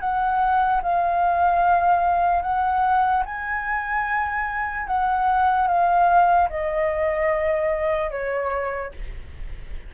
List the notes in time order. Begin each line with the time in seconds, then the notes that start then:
0.00 F#5
0.83 F5
2.42 F#5
3.25 G#5
4.87 F#5
5.68 F5
6.49 D#5
8.11 C#5